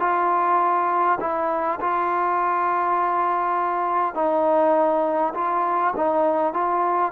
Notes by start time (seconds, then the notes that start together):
0.00 F4
1.20 E4
1.81 F4
4.15 D#4
5.35 F4
5.96 D#4
6.54 F4